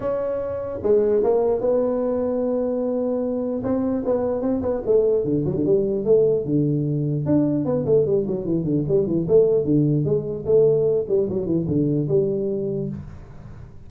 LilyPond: \new Staff \with { instrumentName = "tuba" } { \time 4/4 \tempo 4 = 149 cis'2 gis4 ais4 | b1~ | b4 c'4 b4 c'8 b8 | a4 d8 fis16 d16 g4 a4 |
d2 d'4 b8 a8 | g8 fis8 e8 d8 g8 e8 a4 | d4 gis4 a4. g8 | fis8 e8 d4 g2 | }